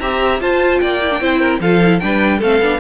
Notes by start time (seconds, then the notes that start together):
0.00 C4 G4 E5 A#5
0.40 F4 C5 A5
0.80 A#3 D5 G5
1.02 E4
1.11 D4
1.21 C4 E4 C5
1.40 A#4
1.60 F3 F4 A4 F5
1.84 E4
2.00 G3 D4 B4 G5
2.39 A3 C4 A4 F5
2.61 B3 D4